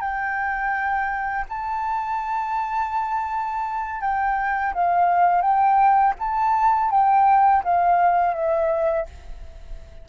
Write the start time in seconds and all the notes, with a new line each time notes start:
0.00 G5
1.49 A5
4.01 G5
4.73 F5
5.41 G5
6.19 A5
6.90 G5
7.63 F5
8.34 E5